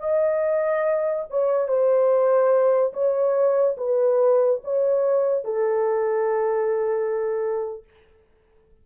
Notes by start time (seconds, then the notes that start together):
0.00 D#5
1.30 C#5
1.68 C5
2.93 C#5
3.78 B4
4.64 C#5
5.45 A4